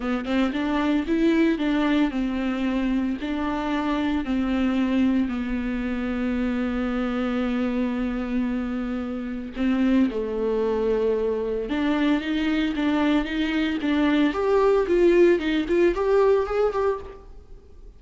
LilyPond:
\new Staff \with { instrumentName = "viola" } { \time 4/4 \tempo 4 = 113 b8 c'8 d'4 e'4 d'4 | c'2 d'2 | c'2 b2~ | b1~ |
b2 c'4 a4~ | a2 d'4 dis'4 | d'4 dis'4 d'4 g'4 | f'4 dis'8 f'8 g'4 gis'8 g'8 | }